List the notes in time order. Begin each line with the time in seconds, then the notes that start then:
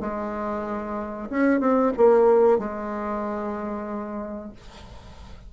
0.00 G#3
1.29 C#4
1.60 C4
1.97 A#3
2.58 G#3